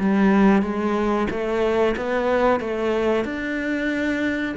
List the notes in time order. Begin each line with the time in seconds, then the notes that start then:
0.00 G3
0.63 G#3
1.31 A3
1.97 B3
2.61 A3
3.25 D4